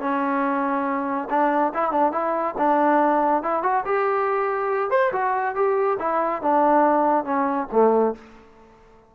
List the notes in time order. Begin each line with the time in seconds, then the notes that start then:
0.00 C#4
1.30 D4
1.74 E4
1.92 D4
2.12 E4
2.58 D4
3.43 E4
3.63 F#4
3.86 G4
4.91 C5
5.13 F#4
5.56 G4
5.99 E4
6.42 D4
7.25 C#4
7.72 A3